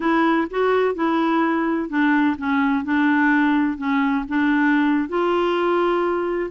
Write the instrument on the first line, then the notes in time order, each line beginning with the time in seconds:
clarinet
0.00 E4
0.50 F#4
0.94 E4
1.89 D4
2.38 C#4
2.84 D4
3.77 C#4
4.28 D4
5.08 F4